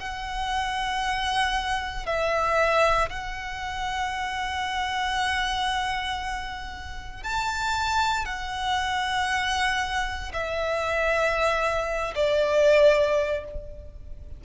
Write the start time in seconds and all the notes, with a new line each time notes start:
0.00 F#5
2.06 E5
3.10 F#5
7.23 A5
8.26 F#5
10.33 E5
12.16 D5